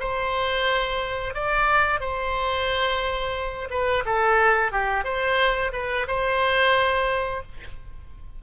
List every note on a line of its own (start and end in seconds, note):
0.00 1.34 C5
1.34 2.00 D5
2.00 3.69 C5
3.70 4.04 B4
4.05 4.72 A4
4.72 5.04 G4
5.04 5.72 C5
5.73 6.07 B4
6.08 7.43 C5